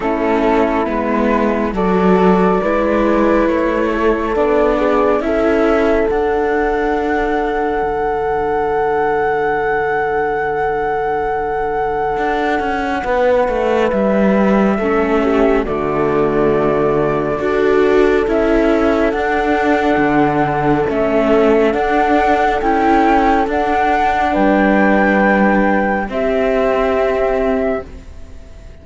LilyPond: <<
  \new Staff \with { instrumentName = "flute" } { \time 4/4 \tempo 4 = 69 a'4 b'4 d''2 | cis''4 d''4 e''4 fis''4~ | fis''1~ | fis''1 |
e''2 d''2~ | d''4 e''4 fis''2 | e''4 fis''4 g''4 fis''4 | g''2 e''2 | }
  \new Staff \with { instrumentName = "horn" } { \time 4/4 e'2 a'4 b'4~ | b'8 a'4 gis'8 a'2~ | a'1~ | a'2. b'4~ |
b'4 a'8 g'8 fis'2 | a'1~ | a'1 | b'2 g'2 | }
  \new Staff \with { instrumentName = "viola" } { \time 4/4 cis'4 b4 fis'4 e'4~ | e'4 d'4 e'4 d'4~ | d'1~ | d'1~ |
d'4 cis'4 a2 | fis'4 e'4 d'2 | cis'4 d'4 e'4 d'4~ | d'2 c'2 | }
  \new Staff \with { instrumentName = "cello" } { \time 4/4 a4 gis4 fis4 gis4 | a4 b4 cis'4 d'4~ | d'4 d2.~ | d2 d'8 cis'8 b8 a8 |
g4 a4 d2 | d'4 cis'4 d'4 d4 | a4 d'4 cis'4 d'4 | g2 c'2 | }
>>